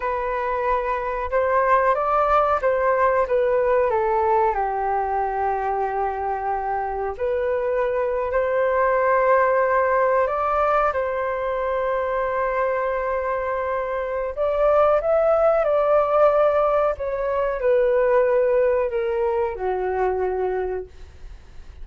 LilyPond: \new Staff \with { instrumentName = "flute" } { \time 4/4 \tempo 4 = 92 b'2 c''4 d''4 | c''4 b'4 a'4 g'4~ | g'2. b'4~ | b'8. c''2. d''16~ |
d''8. c''2.~ c''16~ | c''2 d''4 e''4 | d''2 cis''4 b'4~ | b'4 ais'4 fis'2 | }